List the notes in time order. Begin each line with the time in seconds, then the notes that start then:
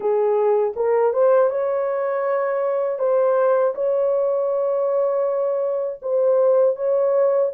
0.00 G#4
0.76 A#4
1.13 C5
1.50 C#5
2.98 C5
3.74 C#5
6.01 C5
6.76 C#5